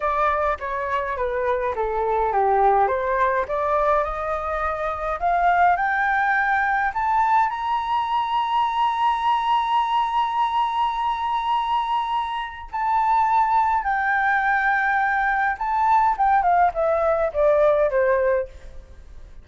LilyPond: \new Staff \with { instrumentName = "flute" } { \time 4/4 \tempo 4 = 104 d''4 cis''4 b'4 a'4 | g'4 c''4 d''4 dis''4~ | dis''4 f''4 g''2 | a''4 ais''2.~ |
ais''1~ | ais''2 a''2 | g''2. a''4 | g''8 f''8 e''4 d''4 c''4 | }